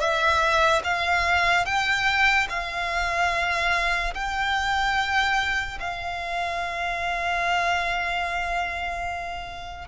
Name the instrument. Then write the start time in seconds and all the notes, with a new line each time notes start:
violin
0.00 E5
0.84 F5
1.66 G5
2.50 F5
4.15 G5
5.80 F5